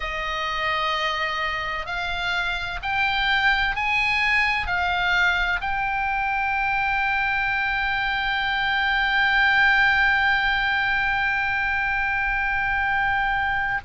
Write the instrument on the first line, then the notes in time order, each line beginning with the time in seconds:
oboe
0.00 D#5
1.85 F5
2.82 G5
3.75 G#5
4.66 F5
5.60 G5